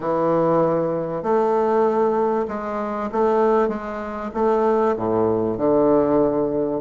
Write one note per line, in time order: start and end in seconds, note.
0.00 1.22 E3
1.22 2.46 A3
2.48 3.10 G#3
3.12 3.68 A3
3.68 4.30 G#3
4.34 4.95 A3
4.96 5.57 A2
5.57 6.81 D3